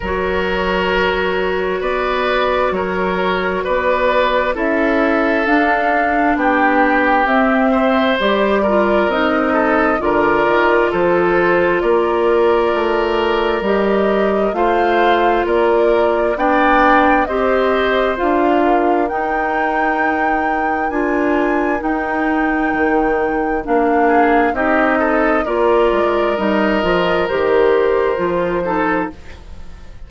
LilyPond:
<<
  \new Staff \with { instrumentName = "flute" } { \time 4/4 \tempo 4 = 66 cis''2 d''4 cis''4 | d''4 e''4 f''4 g''4 | e''4 d''4 dis''4 d''4 | c''4 d''2 dis''4 |
f''4 d''4 g''4 dis''4 | f''4 g''2 gis''4 | g''2 f''4 dis''4 | d''4 dis''4 c''2 | }
  \new Staff \with { instrumentName = "oboe" } { \time 4/4 ais'2 b'4 ais'4 | b'4 a'2 g'4~ | g'8 c''4 ais'4 a'8 ais'4 | a'4 ais'2. |
c''4 ais'4 d''4 c''4~ | c''8 ais'2.~ ais'8~ | ais'2~ ais'8 gis'8 g'8 a'8 | ais'2.~ ais'8 a'8 | }
  \new Staff \with { instrumentName = "clarinet" } { \time 4/4 fis'1~ | fis'4 e'4 d'2 | c'4 g'8 f'8 dis'4 f'4~ | f'2. g'4 |
f'2 d'4 g'4 | f'4 dis'2 f'4 | dis'2 d'4 dis'4 | f'4 dis'8 f'8 g'4 f'8 dis'8 | }
  \new Staff \with { instrumentName = "bassoon" } { \time 4/4 fis2 b4 fis4 | b4 cis'4 d'4 b4 | c'4 g4 c'4 d8 dis8 | f4 ais4 a4 g4 |
a4 ais4 b4 c'4 | d'4 dis'2 d'4 | dis'4 dis4 ais4 c'4 | ais8 gis8 g8 f8 dis4 f4 | }
>>